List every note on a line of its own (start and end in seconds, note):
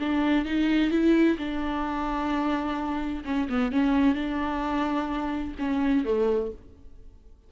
0.00 0.46 D4
0.46 0.91 D#4
0.91 1.38 E4
1.38 3.25 D4
3.25 3.48 C#4
3.50 3.73 B3
3.73 4.15 C#4
4.15 5.55 D4
5.59 6.05 C#4
6.05 6.52 A3